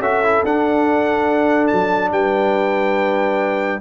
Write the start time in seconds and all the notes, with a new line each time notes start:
0.00 C#4 F#4 A4 E5
0.24 E4
0.45 D4 F#5
1.68 F#3 A5
2.11 G3 B4 G5